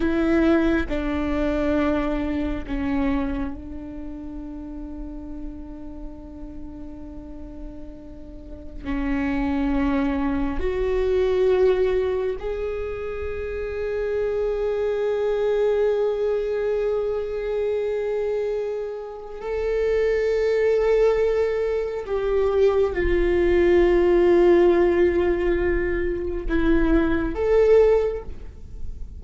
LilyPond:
\new Staff \with { instrumentName = "viola" } { \time 4/4 \tempo 4 = 68 e'4 d'2 cis'4 | d'1~ | d'2 cis'2 | fis'2 gis'2~ |
gis'1~ | gis'2 a'2~ | a'4 g'4 f'2~ | f'2 e'4 a'4 | }